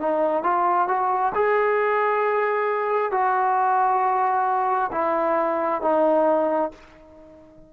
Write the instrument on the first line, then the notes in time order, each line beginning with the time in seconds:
trombone
0.00 D#4
0.44 F4
0.88 F#4
1.35 G#4
3.12 F#4
4.93 E4
5.82 D#4